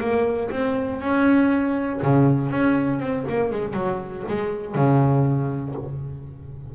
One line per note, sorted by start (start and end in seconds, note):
0.00 0.50 A#3
0.50 1.00 C4
1.00 2.00 C#4
2.02 2.50 C#3
2.50 3.00 C#4
3.00 3.25 C4
3.28 3.50 A#3
3.50 3.73 G#3
3.73 4.23 F#3
4.27 4.75 G#3
4.75 5.75 C#3